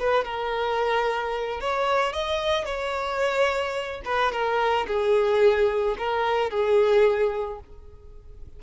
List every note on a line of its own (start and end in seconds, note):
0.00 0.25 B4
0.25 1.61 A#4
1.61 2.13 C#5
2.13 2.66 D#5
2.66 4.02 C#5
4.05 4.32 B4
4.32 4.87 A#4
4.87 5.97 G#4
5.98 6.51 A#4
6.51 7.60 G#4